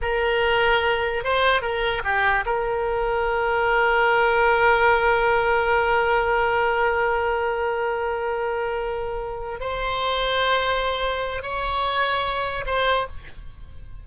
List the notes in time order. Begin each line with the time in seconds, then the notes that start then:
0.01 A#4
1.24 C5
1.61 A#4
2.04 G4
2.45 A#4
9.59 C5
11.42 C#5
12.65 C5